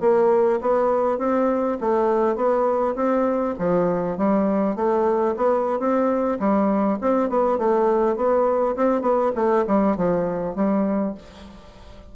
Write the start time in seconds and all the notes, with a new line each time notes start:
0.00 A#3
0.61 B3
1.18 C4
1.80 A3
2.35 B3
2.95 C4
3.58 F3
4.17 G3
4.76 A3
5.36 B3
5.79 C4
6.39 G3
7.01 C4
7.29 B3
7.58 A3
8.16 B3
8.76 C4
9.01 B3
9.35 A3
9.67 G3
9.96 F3
10.55 G3